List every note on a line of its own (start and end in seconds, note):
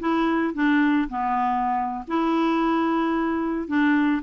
0.00 0.55 E4
0.55 1.09 D4
1.10 2.05 B3
2.08 3.68 E4
3.68 4.23 D4